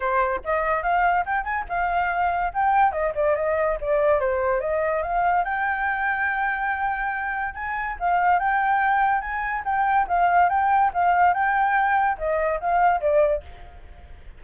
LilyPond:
\new Staff \with { instrumentName = "flute" } { \time 4/4 \tempo 4 = 143 c''4 dis''4 f''4 g''8 gis''8 | f''2 g''4 dis''8 d''8 | dis''4 d''4 c''4 dis''4 | f''4 g''2.~ |
g''2 gis''4 f''4 | g''2 gis''4 g''4 | f''4 g''4 f''4 g''4~ | g''4 dis''4 f''4 d''4 | }